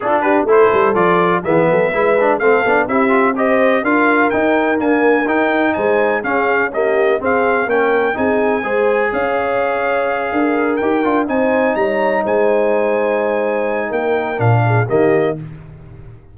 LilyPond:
<<
  \new Staff \with { instrumentName = "trumpet" } { \time 4/4 \tempo 4 = 125 a'8 b'8 c''4 d''4 e''4~ | e''4 f''4 e''4 dis''4 | f''4 g''4 gis''4 g''4 | gis''4 f''4 dis''4 f''4 |
g''4 gis''2 f''4~ | f''2~ f''8 g''4 gis''8~ | gis''8 ais''4 gis''2~ gis''8~ | gis''4 g''4 f''4 dis''4 | }
  \new Staff \with { instrumentName = "horn" } { \time 4/4 f'8 g'8 a'2 gis'8 a'8 | b'4 a'4 g'4 c''4 | ais'1 | c''4 gis'4 g'4 gis'4 |
ais'4 gis'4 c''4 cis''4~ | cis''4. ais'2 c''8~ | c''8 cis''4 c''2~ c''8~ | c''4 ais'4. gis'8 g'4 | }
  \new Staff \with { instrumentName = "trombone" } { \time 4/4 d'4 e'4 f'4 b4 | e'8 d'8 c'8 d'8 e'8 f'8 g'4 | f'4 dis'4 ais4 dis'4~ | dis'4 cis'4 ais4 c'4 |
cis'4 dis'4 gis'2~ | gis'2~ gis'8 g'8 f'8 dis'8~ | dis'1~ | dis'2 d'4 ais4 | }
  \new Staff \with { instrumentName = "tuba" } { \time 4/4 d'4 a8 g8 f4 e8 fis8 | gis4 a8 b8 c'2 | d'4 dis'4 d'4 dis'4 | gis4 cis'2 c'4 |
ais4 c'4 gis4 cis'4~ | cis'4. d'4 dis'8 d'8 c'8~ | c'8 g4 gis2~ gis8~ | gis4 ais4 ais,4 dis4 | }
>>